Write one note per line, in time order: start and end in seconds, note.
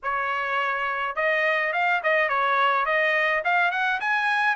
0.03 1.15 C#5
1.15 1.72 D#5
1.72 2.01 F5
2.03 2.28 D#5
2.28 2.85 C#5
2.85 3.43 D#5
3.44 3.71 F5
3.71 3.99 F#5
4.00 4.56 G#5